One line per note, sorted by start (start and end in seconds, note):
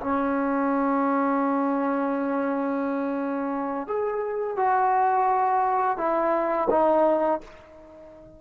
0.00 3.87 C#4
3.87 4.56 G#4
4.56 5.97 F#4
5.97 6.68 E4
6.70 7.40 D#4